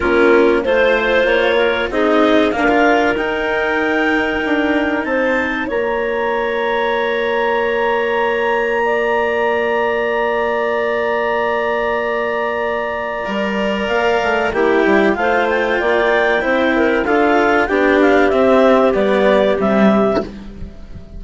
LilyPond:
<<
  \new Staff \with { instrumentName = "clarinet" } { \time 4/4 \tempo 4 = 95 ais'4 c''4 cis''4 dis''4 | f''4 g''2. | a''4 ais''2.~ | ais''1~ |
ais''1~ | ais''2 f''4 g''4 | f''8 g''2~ g''8 f''4 | g''8 f''8 e''4 d''4 e''4 | }
  \new Staff \with { instrumentName = "clarinet" } { \time 4/4 f'4 c''4. ais'8 gis'4 | ais'1 | c''4 cis''2.~ | cis''2 d''2~ |
d''1~ | d''2. g'4 | c''4 d''4 c''8 ais'8 a'4 | g'1 | }
  \new Staff \with { instrumentName = "cello" } { \time 4/4 cis'4 f'2 dis'4 | ais16 f'8. dis'2.~ | dis'4 f'2.~ | f'1~ |
f'1~ | f'4 ais'2 e'4 | f'2 e'4 f'4 | d'4 c'4 b4 g4 | }
  \new Staff \with { instrumentName = "bassoon" } { \time 4/4 ais4 a4 ais4 c'4 | d'4 dis'2 d'4 | c'4 ais2.~ | ais1~ |
ais1~ | ais4 g4 ais8 a8 ais8 g8 | a4 ais4 c'4 d'4 | b4 c'4 g4 c4 | }
>>